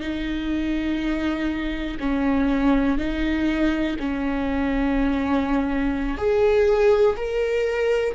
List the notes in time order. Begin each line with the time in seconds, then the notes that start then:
0.00 D#4
1.99 C#4
2.98 D#4
3.99 C#4
6.17 G#4
7.16 A#4